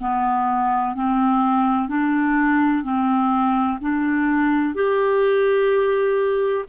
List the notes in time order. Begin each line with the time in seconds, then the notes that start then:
0.00 B3
0.95 C4
1.89 D4
2.83 C4
3.81 D4
4.74 G4